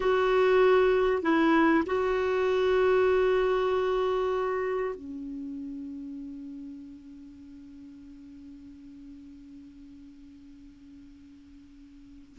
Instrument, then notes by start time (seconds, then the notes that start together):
clarinet
0.00 F#4
1.22 E4
1.86 F#4
4.95 C#4